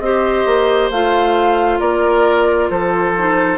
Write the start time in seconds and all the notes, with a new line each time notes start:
0.00 C4 G4 C5 D#5
0.46 A#3
0.90 A3 F4 F5
1.80 A#3 A#4 D5
2.70 F3 A4 C5
3.17 D#4